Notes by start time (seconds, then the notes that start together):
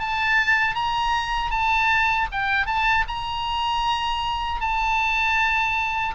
0.00 A5
0.75 A#5
1.51 A5
2.32 G5
2.67 A5
3.08 A#5
4.61 A5